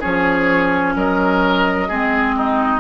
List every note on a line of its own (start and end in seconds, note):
0.00 0.96 F3
0.00 1.89 C#4
0.00 0.94 G#4
0.00 0.96 C#5
0.96 1.89 F#3
0.96 1.89 A#4
0.96 2.80 D#5
1.89 2.80 G#3
1.89 2.80 C4
1.89 2.36 G#4
2.37 2.80 D#4